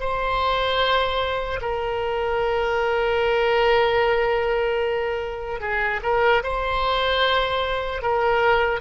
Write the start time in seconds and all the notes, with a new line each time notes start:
0.00 C5
1.61 A#4
5.60 G#4
6.03 A#4
6.43 C5
8.02 A#4